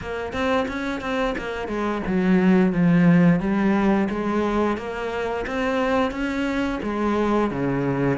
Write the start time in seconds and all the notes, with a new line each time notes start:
0.01 A#3
0.32 C4
0.68 C#4
1.00 C4
1.38 A#3
1.67 G#3
2.06 F#3
2.72 F3
3.40 G3
4.09 G#3
4.77 A#3
5.47 C4
6.11 C#4
6.82 G#3
7.50 C#3